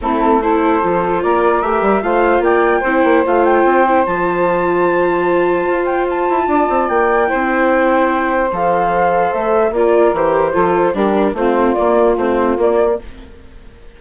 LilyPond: <<
  \new Staff \with { instrumentName = "flute" } { \time 4/4 \tempo 4 = 148 a'4 c''2 d''4 | e''4 f''4 g''2 | f''8 g''4. a''2~ | a''2~ a''8 g''8 a''4~ |
a''4 g''2.~ | g''4 f''2 e''4 | d''4 c''2 ais'4 | c''4 d''4 c''4 d''4 | }
  \new Staff \with { instrumentName = "saxophone" } { \time 4/4 e'4 a'2 ais'4~ | ais'4 c''4 d''4 c''4~ | c''1~ | c''1 |
d''2 c''2~ | c''1 | ais'2 a'4 g'4 | f'1 | }
  \new Staff \with { instrumentName = "viola" } { \time 4/4 c'4 e'4 f'2 | g'4 f'2 e'4 | f'4. e'8 f'2~ | f'1~ |
f'2 e'2~ | e'4 a'2. | f'4 g'4 f'4 d'4 | c'4 ais4 c'4 ais4 | }
  \new Staff \with { instrumentName = "bassoon" } { \time 4/4 a2 f4 ais4 | a8 g8 a4 ais4 c'8 ais8 | a4 c'4 f2~ | f2 f'4. e'8 |
d'8 c'8 ais4 c'2~ | c'4 f2 a4 | ais4 e4 f4 g4 | a4 ais4 a4 ais4 | }
>>